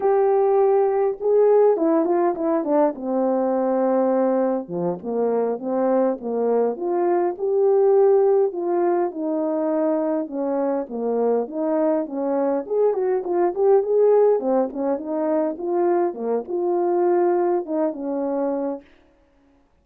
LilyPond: \new Staff \with { instrumentName = "horn" } { \time 4/4 \tempo 4 = 102 g'2 gis'4 e'8 f'8 | e'8 d'8 c'2. | f8 ais4 c'4 ais4 f'8~ | f'8 g'2 f'4 dis'8~ |
dis'4. cis'4 ais4 dis'8~ | dis'8 cis'4 gis'8 fis'8 f'8 g'8 gis'8~ | gis'8 c'8 cis'8 dis'4 f'4 ais8 | f'2 dis'8 cis'4. | }